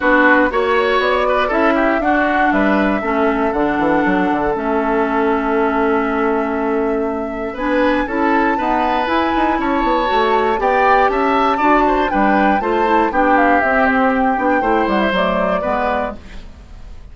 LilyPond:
<<
  \new Staff \with { instrumentName = "flute" } { \time 4/4 \tempo 4 = 119 b'4 cis''4 d''4 e''4 | fis''4 e''2 fis''4~ | fis''4 e''2.~ | e''2. gis''4 |
a''2 gis''4 a''4~ | a''4 g''4 a''2 | g''4 a''4 g''8 f''8 e''8 c''8 | g''4. fis''16 e''16 d''2 | }
  \new Staff \with { instrumentName = "oboe" } { \time 4/4 fis'4 cis''4. b'8 a'8 g'8 | fis'4 b'4 a'2~ | a'1~ | a'2. b'4 |
a'4 b'2 cis''4~ | cis''4 d''4 e''4 d''8 c''8 | b'4 c''4 g'2~ | g'4 c''2 b'4 | }
  \new Staff \with { instrumentName = "clarinet" } { \time 4/4 d'4 fis'2 e'4 | d'2 cis'4 d'4~ | d'4 cis'2.~ | cis'2. d'4 |
e'4 b4 e'2 | fis'4 g'2 fis'4 | d'4 f'8 e'8 d'4 c'4~ | c'8 d'8 e'4 a4 b4 | }
  \new Staff \with { instrumentName = "bassoon" } { \time 4/4 b4 ais4 b4 cis'4 | d'4 g4 a4 d8 e8 | fis8 d8 a2.~ | a2. b4 |
cis'4 dis'4 e'8 dis'8 cis'8 b8 | a4 b4 cis'4 d'4 | g4 a4 b4 c'4~ | c'8 b8 a8 g8 fis4 gis4 | }
>>